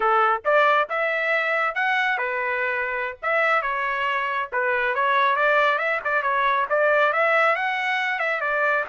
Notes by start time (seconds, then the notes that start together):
0.00 A4
0.44 D5
0.89 E5
1.74 F#5
2.18 B4
3.22 E5
3.62 C#5
4.52 B4
4.94 C#5
5.35 D5
5.78 E5
6.04 D5
6.22 C#5
6.69 D5
7.12 E5
7.55 F#5
8.19 E5
8.40 D5